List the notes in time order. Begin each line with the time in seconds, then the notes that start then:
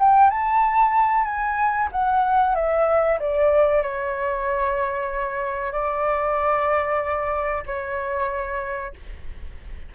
0.00 G5
0.31 A5
1.25 G#5
1.92 F#5
2.55 E5
3.20 D5
3.83 C#5
5.72 D5
7.67 C#5